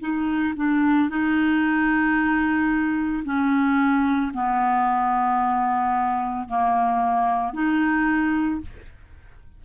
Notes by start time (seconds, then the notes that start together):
0.00 D#4
0.56 D4
1.09 D#4
3.24 C#4
4.33 B3
6.48 A#3
7.53 D#4